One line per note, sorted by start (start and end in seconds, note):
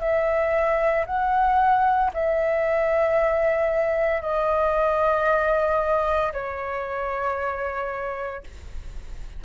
0.00 1.05 E5
1.06 2.11 F#5
2.13 4.22 E5
4.22 6.32 D#5
6.33 8.43 C#5